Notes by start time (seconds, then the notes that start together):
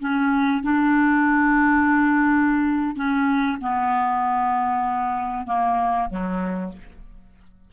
0.00 C#4
0.62 D4
2.95 C#4
3.61 B3
5.46 A#3
6.10 F#3